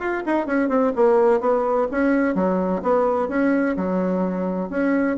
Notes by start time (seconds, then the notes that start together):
0.00 F4
0.26 D#4
0.47 C#4
0.69 C4
0.96 A#3
1.41 B3
1.91 C#4
2.35 F#3
2.83 B3
3.29 C#4
3.77 F#3
4.70 C#4